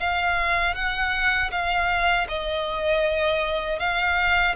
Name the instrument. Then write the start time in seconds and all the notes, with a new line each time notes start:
violin
0.00 F5
0.75 F#5
1.52 F5
2.29 D#5
3.79 F5